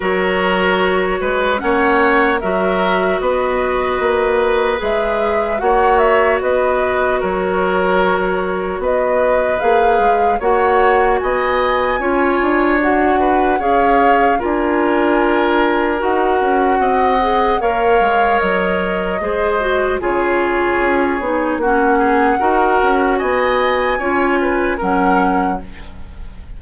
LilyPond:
<<
  \new Staff \with { instrumentName = "flute" } { \time 4/4 \tempo 4 = 75 cis''2 fis''4 e''4 | dis''2 e''4 fis''8 e''8 | dis''4 cis''2 dis''4 | f''4 fis''4 gis''2 |
fis''4 f''4 gis''2 | fis''2 f''4 dis''4~ | dis''4 cis''2 fis''4~ | fis''4 gis''2 fis''4 | }
  \new Staff \with { instrumentName = "oboe" } { \time 4/4 ais'4. b'8 cis''4 ais'4 | b'2. cis''4 | b'4 ais'2 b'4~ | b'4 cis''4 dis''4 cis''4~ |
cis''8 b'8 cis''4 ais'2~ | ais'4 dis''4 cis''2 | c''4 gis'2 fis'8 gis'8 | ais'4 dis''4 cis''8 b'8 ais'4 | }
  \new Staff \with { instrumentName = "clarinet" } { \time 4/4 fis'2 cis'4 fis'4~ | fis'2 gis'4 fis'4~ | fis'1 | gis'4 fis'2 f'4 |
fis'4 gis'4 f'2 | fis'4. gis'8 ais'2 | gis'8 fis'8 f'4. dis'8 cis'4 | fis'2 f'4 cis'4 | }
  \new Staff \with { instrumentName = "bassoon" } { \time 4/4 fis4. gis8 ais4 fis4 | b4 ais4 gis4 ais4 | b4 fis2 b4 | ais8 gis8 ais4 b4 cis'8 d'8~ |
d'4 cis'4 d'2 | dis'8 cis'8 c'4 ais8 gis8 fis4 | gis4 cis4 cis'8 b8 ais4 | dis'8 cis'8 b4 cis'4 fis4 | }
>>